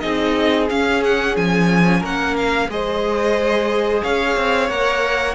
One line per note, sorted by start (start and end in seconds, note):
0.00 0.71 C4
0.00 0.68 D#4
0.00 2.00 G#4
0.00 0.67 D#5
0.70 2.70 C#4
0.70 1.37 C#4
0.70 1.03 F5
1.04 1.36 F#5
1.36 2.03 F3
1.36 2.03 G#5
2.00 2.69 A#3
2.00 2.67 A#4
2.00 2.37 F#5
2.37 2.70 F5
2.69 4.02 G#3
2.69 4.70 G#4
2.69 4.03 C5
2.69 4.03 D#5
4.03 4.37 C#4
4.03 5.35 C#5
4.03 4.70 F5
4.37 4.70 C4
4.70 5.35 A#3
4.70 5.35 A#4
4.70 5.35 F#5